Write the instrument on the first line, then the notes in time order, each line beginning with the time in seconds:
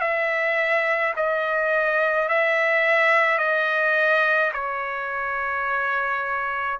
trumpet
0.00 E5
1.16 D#5
2.28 E5
3.38 D#5
4.53 C#5